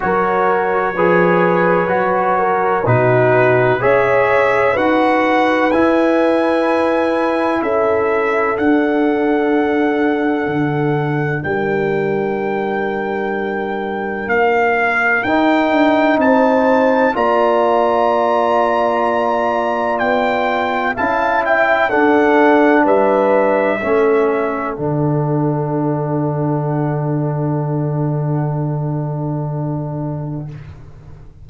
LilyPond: <<
  \new Staff \with { instrumentName = "trumpet" } { \time 4/4 \tempo 4 = 63 cis''2. b'4 | e''4 fis''4 gis''2 | e''4 fis''2. | g''2. f''4 |
g''4 a''4 ais''2~ | ais''4 g''4 a''8 g''8 fis''4 | e''2 fis''2~ | fis''1 | }
  \new Staff \with { instrumentName = "horn" } { \time 4/4 ais'4 b'4. ais'8 fis'4 | cis''4 b'2. | a'1 | ais'1~ |
ais'4 c''4 d''2~ | d''2 f''8 e''8 a'4 | b'4 a'2.~ | a'1 | }
  \new Staff \with { instrumentName = "trombone" } { \time 4/4 fis'4 gis'4 fis'4 dis'4 | gis'4 fis'4 e'2~ | e'4 d'2.~ | d'1 |
dis'2 f'2~ | f'2 e'4 d'4~ | d'4 cis'4 d'2~ | d'1 | }
  \new Staff \with { instrumentName = "tuba" } { \time 4/4 fis4 f4 fis4 b,4 | cis'4 dis'4 e'2 | cis'4 d'2 d4 | g2. ais4 |
dis'8 d'8 c'4 ais2~ | ais4 b4 cis'4 d'4 | g4 a4 d2~ | d1 | }
>>